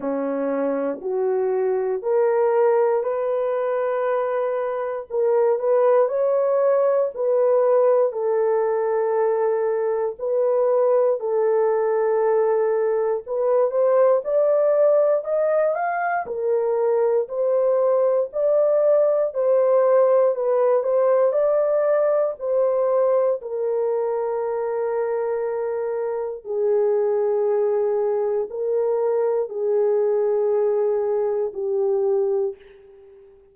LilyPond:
\new Staff \with { instrumentName = "horn" } { \time 4/4 \tempo 4 = 59 cis'4 fis'4 ais'4 b'4~ | b'4 ais'8 b'8 cis''4 b'4 | a'2 b'4 a'4~ | a'4 b'8 c''8 d''4 dis''8 f''8 |
ais'4 c''4 d''4 c''4 | b'8 c''8 d''4 c''4 ais'4~ | ais'2 gis'2 | ais'4 gis'2 g'4 | }